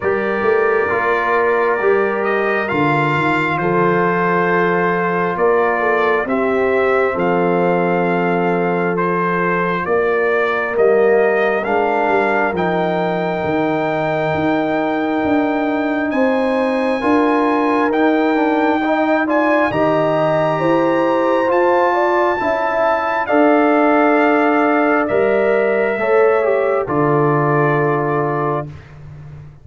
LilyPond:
<<
  \new Staff \with { instrumentName = "trumpet" } { \time 4/4 \tempo 4 = 67 d''2~ d''8 dis''8 f''4 | c''2 d''4 e''4 | f''2 c''4 d''4 | dis''4 f''4 g''2~ |
g''2 gis''2 | g''4. gis''8 ais''2 | a''2 f''2 | e''2 d''2 | }
  \new Staff \with { instrumentName = "horn" } { \time 4/4 ais'1 | a'2 ais'8 a'8 g'4 | a'2. ais'4~ | ais'1~ |
ais'2 c''4 ais'4~ | ais'4 dis''8 d''8 dis''4 c''4~ | c''8 d''8 e''4 d''2~ | d''4 cis''4 a'2 | }
  \new Staff \with { instrumentName = "trombone" } { \time 4/4 g'4 f'4 g'4 f'4~ | f'2. c'4~ | c'2 f'2 | ais4 d'4 dis'2~ |
dis'2. f'4 | dis'8 d'8 dis'8 f'8 g'2 | f'4 e'4 a'2 | ais'4 a'8 g'8 f'2 | }
  \new Staff \with { instrumentName = "tuba" } { \time 4/4 g8 a8 ais4 g4 d8 dis8 | f2 ais4 c'4 | f2. ais4 | g4 gis8 g8 f4 dis4 |
dis'4 d'4 c'4 d'4 | dis'2 dis4 e'4 | f'4 cis'4 d'2 | g4 a4 d2 | }
>>